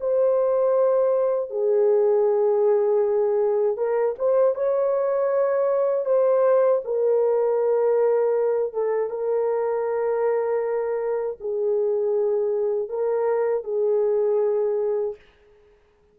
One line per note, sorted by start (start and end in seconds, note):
0.00 1.50 C5
1.50 3.77 G#4
3.77 4.15 A#4
4.18 4.55 C5
4.55 6.05 C#5
6.05 6.81 C5
6.85 8.73 A#4
8.73 9.10 A4
9.10 11.38 A#4
11.40 12.89 G#4
12.89 13.64 A#4
13.64 15.16 G#4